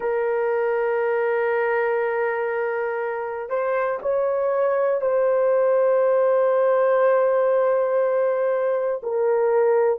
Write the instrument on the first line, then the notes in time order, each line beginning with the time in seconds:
horn
0.00 A#4
3.49 C5
4.01 C#5
5.00 C5
9.02 A#4